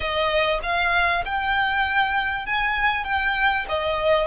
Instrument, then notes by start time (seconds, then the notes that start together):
violin
0.00 D#5
0.63 F5
1.25 G5
2.46 G#5
3.04 G5
3.68 D#5